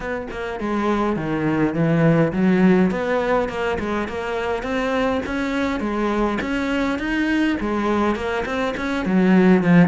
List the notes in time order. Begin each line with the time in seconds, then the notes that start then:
0.00 B3
0.30 A#3
0.60 G#3
1.16 D#3
1.74 E3
2.32 F#3
2.90 B3
3.48 A#3
3.79 G#3
4.08 A#3
4.63 C4
5.26 C#4
5.80 G#3
6.41 C#4
6.98 D#4
7.60 G#3
8.15 A#3
8.45 C4
8.77 C#4
9.05 F#3
9.63 F3